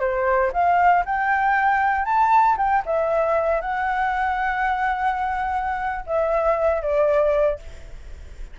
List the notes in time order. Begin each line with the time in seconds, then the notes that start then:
0.00 C5
0.53 F5
1.05 G5
2.05 A5
2.58 G5
2.86 E5
3.62 F#5
6.07 E5
6.82 D5